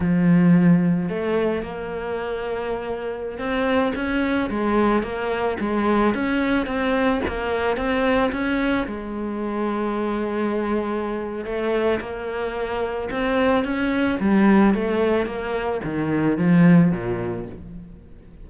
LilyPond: \new Staff \with { instrumentName = "cello" } { \time 4/4 \tempo 4 = 110 f2 a4 ais4~ | ais2~ ais16 c'4 cis'8.~ | cis'16 gis4 ais4 gis4 cis'8.~ | cis'16 c'4 ais4 c'4 cis'8.~ |
cis'16 gis2.~ gis8.~ | gis4 a4 ais2 | c'4 cis'4 g4 a4 | ais4 dis4 f4 ais,4 | }